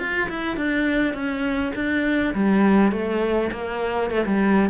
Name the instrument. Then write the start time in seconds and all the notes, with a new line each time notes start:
cello
0.00 F4
0.30 E4
0.57 D4
1.14 C#4
1.75 D4
2.35 G3
2.92 A3
3.52 A#3
4.11 A3
4.27 G3